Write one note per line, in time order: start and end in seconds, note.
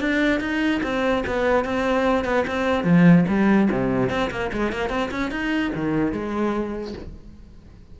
0.00 0.40 D4
0.40 0.81 D#4
0.83 1.24 C4
1.26 1.64 B3
1.64 2.24 C4
2.24 2.45 B3
2.47 2.83 C4
2.83 3.24 F3
3.28 3.69 G3
3.71 4.09 C3
4.09 4.30 C4
4.30 4.51 A#3
4.52 4.72 G#3
4.72 4.89 A#3
4.89 5.09 C4
5.11 5.31 C#4
5.31 5.72 D#4
5.75 6.12 D#3
6.12 6.94 G#3